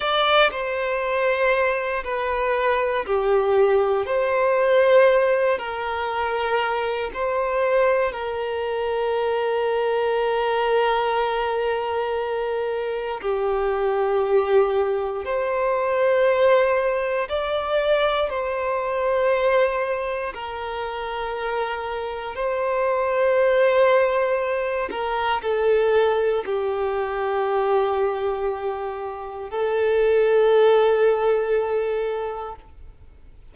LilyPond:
\new Staff \with { instrumentName = "violin" } { \time 4/4 \tempo 4 = 59 d''8 c''4. b'4 g'4 | c''4. ais'4. c''4 | ais'1~ | ais'4 g'2 c''4~ |
c''4 d''4 c''2 | ais'2 c''2~ | c''8 ais'8 a'4 g'2~ | g'4 a'2. | }